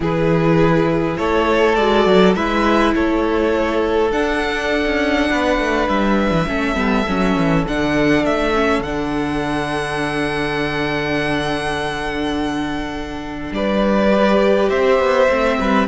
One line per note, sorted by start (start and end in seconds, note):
0.00 1.17 E3
0.00 1.75 E4
0.00 1.18 G#4
0.00 1.17 B4
1.17 1.77 A3
1.17 2.36 A4
1.17 1.75 C#5
1.75 2.06 G#3
1.75 2.36 F#4
1.75 2.34 D5
2.06 2.35 F#3
2.34 2.94 G#3
2.34 4.12 E4
2.34 2.94 B4
2.34 2.93 E5
2.94 4.11 A3
2.94 5.30 A4
2.94 4.12 C#5
4.11 4.84 D4
4.11 6.47 D4
4.11 5.88 F#5
4.85 5.29 C#4
5.30 5.58 B3
5.30 6.48 B4
5.58 5.88 A3
5.88 6.31 G3
5.88 7.65 E5
6.31 6.45 E3
6.47 6.74 A3
6.47 6.75 C#4
6.47 13.53 A4
6.74 7.03 G3
6.74 7.04 B3
7.07 7.36 F#3
7.07 7.67 C#4
7.36 7.65 E3
7.67 8.24 D3
7.67 8.54 D4
7.67 8.25 F#5
8.24 8.79 A3
8.24 8.82 E5
8.54 8.83 C#4
8.79 13.50 D3
8.79 13.52 F#5
8.85 14.10 D4
13.51 14.69 G3
13.51 14.69 B4
13.51 14.69 D5
14.10 15.27 G4
14.69 14.99 C4
14.69 15.57 C5
14.69 15.87 E5
14.99 15.28 B3
15.29 15.58 A3
15.29 15.87 C4
15.60 15.87 G3
15.60 15.87 B4